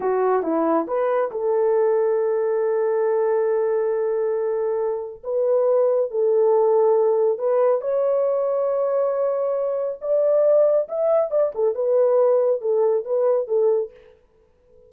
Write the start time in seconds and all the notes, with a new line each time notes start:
0.00 F#4
0.42 E4
0.87 B4
1.31 A4
5.23 B4
6.10 A4
7.38 B4
7.81 C#5
10.01 D5
10.88 E5
11.30 D5
11.54 A4
11.74 B4
12.61 A4
13.04 B4
13.47 A4